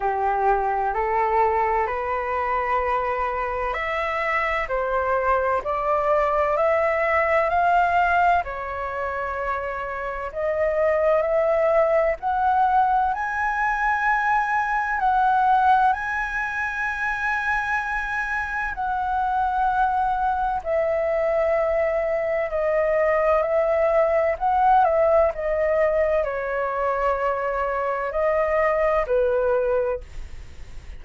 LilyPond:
\new Staff \with { instrumentName = "flute" } { \time 4/4 \tempo 4 = 64 g'4 a'4 b'2 | e''4 c''4 d''4 e''4 | f''4 cis''2 dis''4 | e''4 fis''4 gis''2 |
fis''4 gis''2. | fis''2 e''2 | dis''4 e''4 fis''8 e''8 dis''4 | cis''2 dis''4 b'4 | }